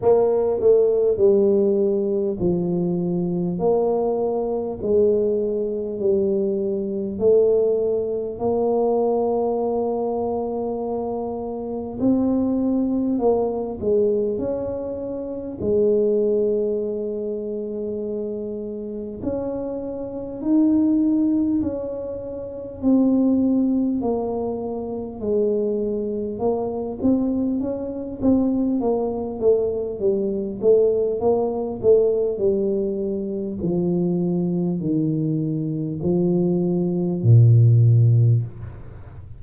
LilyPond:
\new Staff \with { instrumentName = "tuba" } { \time 4/4 \tempo 4 = 50 ais8 a8 g4 f4 ais4 | gis4 g4 a4 ais4~ | ais2 c'4 ais8 gis8 | cis'4 gis2. |
cis'4 dis'4 cis'4 c'4 | ais4 gis4 ais8 c'8 cis'8 c'8 | ais8 a8 g8 a8 ais8 a8 g4 | f4 dis4 f4 ais,4 | }